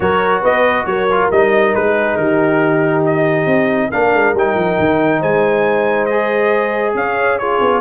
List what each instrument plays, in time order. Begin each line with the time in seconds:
0.00 tuba F#3, trombone F#4, horn A#4, trumpet C#5
0.40 tuba B3, horn B4, trumpet D#5
0.85 tuba F#3, horn A#4, trumpet C#5
1.11 trombone F4
1.31 tuba G3, trombone D#4, trumpet D#5
1.74 tuba G#3, trumpet B4
1.86 horn G#4
2.16 tuba D#3, horn G4, trumpet A#4
3.05 trumpet D#5
3.46 tuba C4
3.89 tuba A#3, trombone D4, horn A#4, trumpet F5
4.14 tuba G#3
4.33 tuba G3, trombone D#4, trumpet G5
4.55 tuba F3
4.79 tuba D#3
5.20 tuba G#3, horn C5, trumpet G#5
6.05 trombone G#4, trumpet D#5
6.94 tuba C#4, horn C#5, trumpet F5
7.38 trombone F4, horn G#4, trumpet C#5
7.60 tuba B3